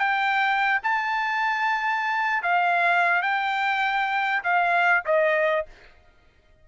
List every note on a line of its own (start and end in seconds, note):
0.00 0.81 G5
0.83 2.43 A5
2.43 3.23 F5
3.23 4.43 G5
4.44 5.04 F5
5.06 5.67 D#5